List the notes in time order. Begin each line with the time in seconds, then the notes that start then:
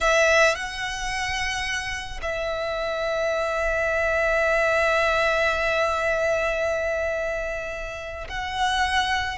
0.00 E5
0.55 F#5
2.22 E5
8.28 F#5